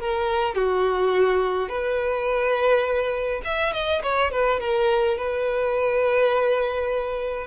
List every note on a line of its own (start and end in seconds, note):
0.00 0.55 A#4
0.55 1.69 F#4
1.69 3.42 B4
3.44 3.73 E5
3.73 4.02 D#5
4.03 4.31 C#5
4.31 4.60 B4
4.60 5.18 A#4
5.18 7.47 B4